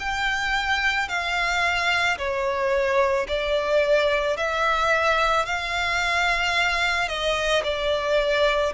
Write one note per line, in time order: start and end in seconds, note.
0.00 1.09 G5
1.09 2.18 F5
2.18 3.27 C#5
3.29 4.37 D5
4.37 5.46 E5
5.46 7.09 F5
7.09 7.64 D#5
7.64 8.73 D5